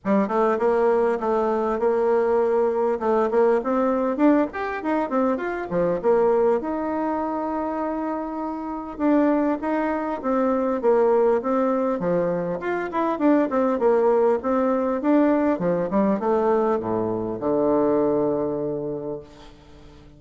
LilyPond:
\new Staff \with { instrumentName = "bassoon" } { \time 4/4 \tempo 4 = 100 g8 a8 ais4 a4 ais4~ | ais4 a8 ais8 c'4 d'8 g'8 | dis'8 c'8 f'8 f8 ais4 dis'4~ | dis'2. d'4 |
dis'4 c'4 ais4 c'4 | f4 f'8 e'8 d'8 c'8 ais4 | c'4 d'4 f8 g8 a4 | a,4 d2. | }